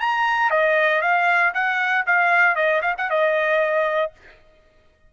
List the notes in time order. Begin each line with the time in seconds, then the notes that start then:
0.00 A#5
0.51 D#5
1.02 F5
1.54 F#5
2.07 F5
2.56 D#5
2.82 F5
2.98 F#5
3.10 D#5